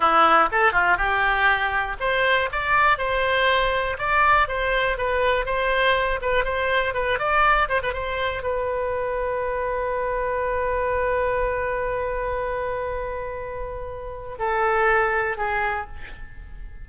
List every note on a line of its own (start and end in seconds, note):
0.00 0.49 E4
0.51 0.72 A4
0.72 0.97 F4
0.97 1.96 G4
2.00 2.49 C5
2.52 2.98 D5
2.98 3.97 C5
3.98 4.48 D5
4.48 4.97 C5
4.97 5.45 B4
5.45 6.20 C5
6.21 6.44 B4
6.44 6.94 C5
6.94 7.19 B4
7.19 7.68 D5
7.69 7.81 C5
7.82 7.93 B4
7.93 8.42 C5
8.42 14.37 B4
14.38 15.37 A4
15.37 15.86 G#4